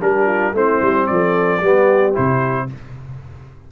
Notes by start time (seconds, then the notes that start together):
0.00 G3 D4 G4 A#4
0.26 F4
0.53 A3 C4 E4 C5
0.82 G3
1.06 F3 A4 D5
1.60 G3 B3 G4
2.13 C3 E4 C5